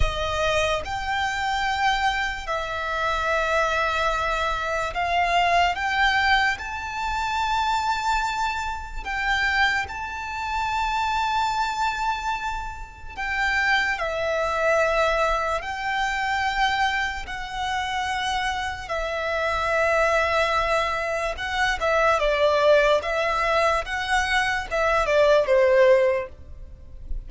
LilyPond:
\new Staff \with { instrumentName = "violin" } { \time 4/4 \tempo 4 = 73 dis''4 g''2 e''4~ | e''2 f''4 g''4 | a''2. g''4 | a''1 |
g''4 e''2 g''4~ | g''4 fis''2 e''4~ | e''2 fis''8 e''8 d''4 | e''4 fis''4 e''8 d''8 c''4 | }